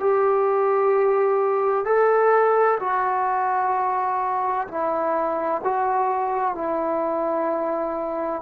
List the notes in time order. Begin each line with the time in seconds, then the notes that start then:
0.00 G4
1.85 A4
2.80 F#4
4.68 E4
5.64 F#4
6.55 E4